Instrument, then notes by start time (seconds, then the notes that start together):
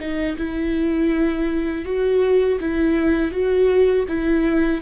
viola
0.00 D#4
0.38 E4
1.86 F#4
2.61 E4
3.32 F#4
4.08 E4